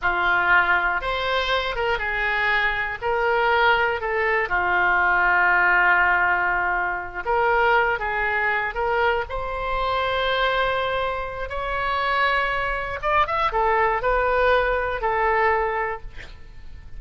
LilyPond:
\new Staff \with { instrumentName = "oboe" } { \time 4/4 \tempo 4 = 120 f'2 c''4. ais'8 | gis'2 ais'2 | a'4 f'2.~ | f'2~ f'8 ais'4. |
gis'4. ais'4 c''4.~ | c''2. cis''4~ | cis''2 d''8 e''8 a'4 | b'2 a'2 | }